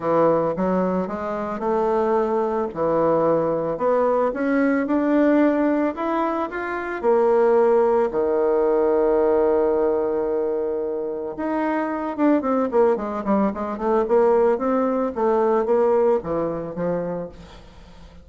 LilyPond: \new Staff \with { instrumentName = "bassoon" } { \time 4/4 \tempo 4 = 111 e4 fis4 gis4 a4~ | a4 e2 b4 | cis'4 d'2 e'4 | f'4 ais2 dis4~ |
dis1~ | dis4 dis'4. d'8 c'8 ais8 | gis8 g8 gis8 a8 ais4 c'4 | a4 ais4 e4 f4 | }